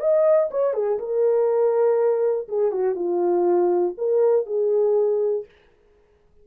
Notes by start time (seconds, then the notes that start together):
0.00 D#5
0.51 C#5
0.74 G#4
0.99 A#4
2.49 G#4
2.72 F#4
2.96 F4
3.98 A#4
4.46 G#4